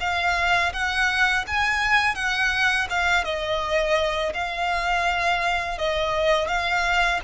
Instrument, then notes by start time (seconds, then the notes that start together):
violin
0.00 F5
0.73 F#5
1.47 G#5
2.15 F#5
2.89 F5
3.24 D#5
4.34 F5
5.78 D#5
6.47 F5